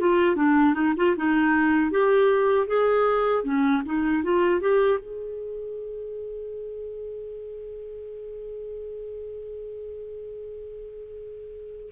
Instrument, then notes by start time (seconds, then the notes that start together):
clarinet
0.00 F4
0.36 D4
0.74 D#4
0.97 F4
1.17 D#4
1.91 G4
2.67 G#4
3.44 C#4
3.86 D#4
4.23 F4
4.61 G4
4.99 G#4